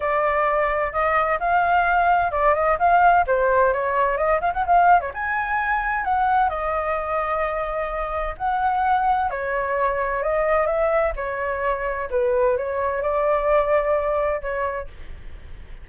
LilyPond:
\new Staff \with { instrumentName = "flute" } { \time 4/4 \tempo 4 = 129 d''2 dis''4 f''4~ | f''4 d''8 dis''8 f''4 c''4 | cis''4 dis''8 f''16 fis''16 f''8. cis''16 gis''4~ | gis''4 fis''4 dis''2~ |
dis''2 fis''2 | cis''2 dis''4 e''4 | cis''2 b'4 cis''4 | d''2. cis''4 | }